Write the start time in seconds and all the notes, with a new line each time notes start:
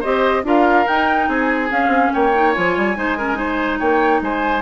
0.00 C4 G4 C5 D#5
0.43 D4 F4 A#4 F5
0.87 D#4 G5
1.28 C4 G#4 G#5
1.70 C#4 F5
1.87 C4
2.13 A#3 C#5 G5
2.33 D#4
2.52 F3 F4 G#5
2.76 G3
2.95 G#3 D#4 C5
3.18 C#4 A#4
3.34 D#4 C5
3.79 A#3 C#5 G5
4.21 G#3 C5 G#5